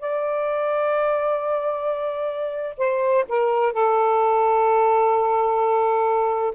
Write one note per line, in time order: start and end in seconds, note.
0.00 2.78 D5
2.78 3.25 C5
3.29 3.73 A#4
3.73 6.54 A4